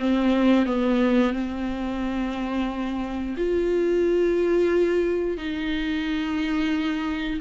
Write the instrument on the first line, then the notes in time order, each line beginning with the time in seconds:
viola
0.00 C4
0.66 B3
1.34 C4
3.37 F4
5.38 D#4